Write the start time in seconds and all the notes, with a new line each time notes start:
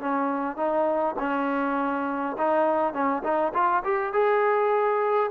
0.00 C#4
0.56 D#4
1.19 C#4
2.38 D#4
2.93 C#4
3.23 D#4
3.53 F4
3.84 G4
4.13 G#4